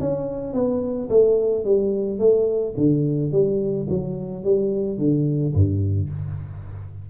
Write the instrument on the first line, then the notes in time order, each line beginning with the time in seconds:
tuba
0.00 C#4
0.53 B3
1.09 A3
1.65 G3
2.19 A3
2.77 D3
3.32 G3
3.89 F#3
4.44 G3
4.98 D3
5.54 G2